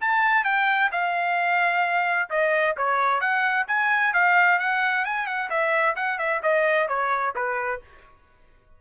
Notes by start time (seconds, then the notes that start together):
0.00 A5
0.44 G5
0.91 F5
2.29 D#5
2.77 C#5
3.20 F#5
3.67 G#5
4.13 F5
4.59 F#5
5.05 G#5
5.26 F#5
5.49 E5
5.95 F#5
6.18 E5
6.42 D#5
6.88 C#5
7.35 B4